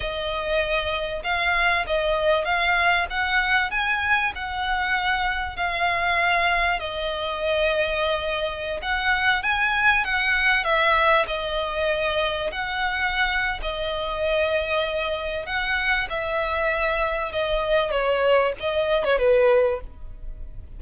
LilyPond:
\new Staff \with { instrumentName = "violin" } { \time 4/4 \tempo 4 = 97 dis''2 f''4 dis''4 | f''4 fis''4 gis''4 fis''4~ | fis''4 f''2 dis''4~ | dis''2~ dis''16 fis''4 gis''8.~ |
gis''16 fis''4 e''4 dis''4.~ dis''16~ | dis''16 fis''4.~ fis''16 dis''2~ | dis''4 fis''4 e''2 | dis''4 cis''4 dis''8. cis''16 b'4 | }